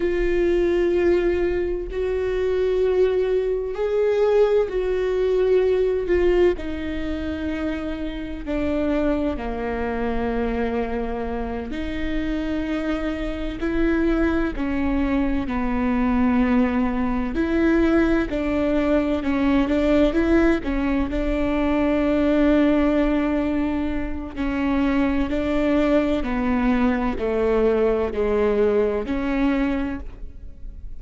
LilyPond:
\new Staff \with { instrumentName = "viola" } { \time 4/4 \tempo 4 = 64 f'2 fis'2 | gis'4 fis'4. f'8 dis'4~ | dis'4 d'4 ais2~ | ais8 dis'2 e'4 cis'8~ |
cis'8 b2 e'4 d'8~ | d'8 cis'8 d'8 e'8 cis'8 d'4.~ | d'2 cis'4 d'4 | b4 a4 gis4 cis'4 | }